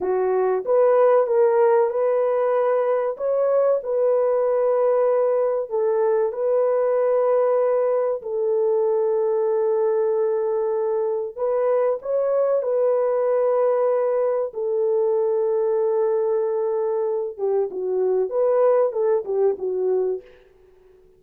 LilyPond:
\new Staff \with { instrumentName = "horn" } { \time 4/4 \tempo 4 = 95 fis'4 b'4 ais'4 b'4~ | b'4 cis''4 b'2~ | b'4 a'4 b'2~ | b'4 a'2.~ |
a'2 b'4 cis''4 | b'2. a'4~ | a'2.~ a'8 g'8 | fis'4 b'4 a'8 g'8 fis'4 | }